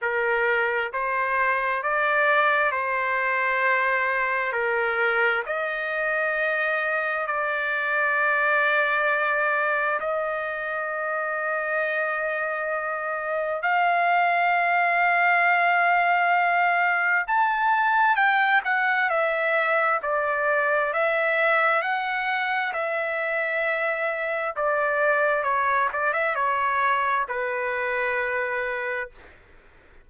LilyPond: \new Staff \with { instrumentName = "trumpet" } { \time 4/4 \tempo 4 = 66 ais'4 c''4 d''4 c''4~ | c''4 ais'4 dis''2 | d''2. dis''4~ | dis''2. f''4~ |
f''2. a''4 | g''8 fis''8 e''4 d''4 e''4 | fis''4 e''2 d''4 | cis''8 d''16 e''16 cis''4 b'2 | }